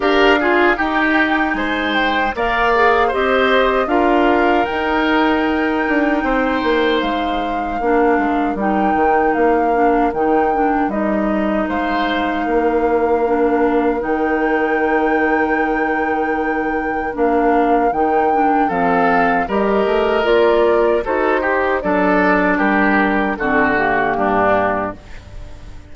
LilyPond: <<
  \new Staff \with { instrumentName = "flute" } { \time 4/4 \tempo 4 = 77 f''4 g''4 gis''8 g''8 f''4 | dis''4 f''4 g''2~ | g''4 f''2 g''4 | f''4 g''4 dis''4 f''4~ |
f''2 g''2~ | g''2 f''4 g''4 | f''4 dis''4 d''4 c''4 | d''4 ais'4 a'8 g'4. | }
  \new Staff \with { instrumentName = "oboe" } { \time 4/4 ais'8 gis'8 g'4 c''4 d''4 | c''4 ais'2. | c''2 ais'2~ | ais'2. c''4 |
ais'1~ | ais'1 | a'4 ais'2 a'8 g'8 | a'4 g'4 fis'4 d'4 | }
  \new Staff \with { instrumentName = "clarinet" } { \time 4/4 g'8 f'8 dis'2 ais'8 gis'8 | g'4 f'4 dis'2~ | dis'2 d'4 dis'4~ | dis'8 d'8 dis'8 d'8 dis'2~ |
dis'4 d'4 dis'2~ | dis'2 d'4 dis'8 d'8 | c'4 g'4 f'4 fis'8 g'8 | d'2 c'8 ais4. | }
  \new Staff \with { instrumentName = "bassoon" } { \time 4/4 d'4 dis'4 gis4 ais4 | c'4 d'4 dis'4. d'8 | c'8 ais8 gis4 ais8 gis8 g8 dis8 | ais4 dis4 g4 gis4 |
ais2 dis2~ | dis2 ais4 dis4 | f4 g8 a8 ais4 dis'4 | fis4 g4 d4 g,4 | }
>>